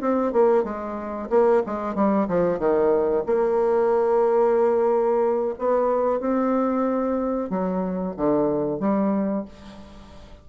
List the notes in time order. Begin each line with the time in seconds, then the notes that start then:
0.00 C4
0.32 A#3
0.63 G#3
1.30 A#3
1.66 G#3
1.95 G3
2.28 F3
2.58 D#3
3.26 A#3
5.58 B3
6.20 C4
7.49 F#3
8.16 D3
8.80 G3